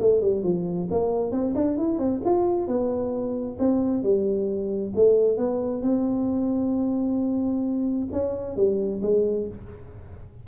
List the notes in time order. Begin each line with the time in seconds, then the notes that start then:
0.00 A3
0.21 G3
0.44 F3
0.91 A#3
1.32 C4
1.55 D4
1.78 E4
1.99 C4
2.25 F4
2.68 B3
3.59 C4
4.03 G3
4.96 A3
5.37 B3
5.82 C4
8.12 C#4
8.57 G3
9.02 G#3